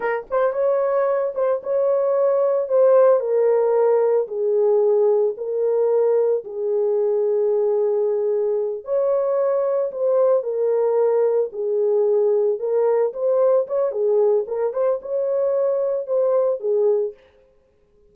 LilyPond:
\new Staff \with { instrumentName = "horn" } { \time 4/4 \tempo 4 = 112 ais'8 c''8 cis''4. c''8 cis''4~ | cis''4 c''4 ais'2 | gis'2 ais'2 | gis'1~ |
gis'8 cis''2 c''4 ais'8~ | ais'4. gis'2 ais'8~ | ais'8 c''4 cis''8 gis'4 ais'8 c''8 | cis''2 c''4 gis'4 | }